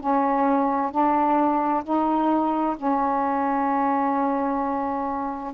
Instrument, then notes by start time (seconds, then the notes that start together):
saxophone
0.00 C#4
0.91 D4
1.84 D#4
2.77 C#4